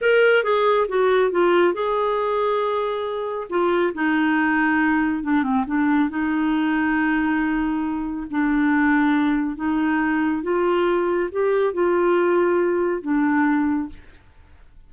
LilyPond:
\new Staff \with { instrumentName = "clarinet" } { \time 4/4 \tempo 4 = 138 ais'4 gis'4 fis'4 f'4 | gis'1 | f'4 dis'2. | d'8 c'8 d'4 dis'2~ |
dis'2. d'4~ | d'2 dis'2 | f'2 g'4 f'4~ | f'2 d'2 | }